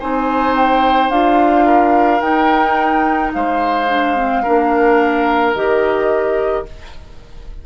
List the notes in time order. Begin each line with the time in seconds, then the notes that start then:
0.00 C4 D#4 C5 G#5
0.56 G5
1.10 D4 F4 F5
1.66 A#4
2.20 D#4 G5
3.34 G#3 C5 F5
3.89 D4
4.16 C4
4.43 A#3 D4 A#4
5.54 D#3 G4 D#5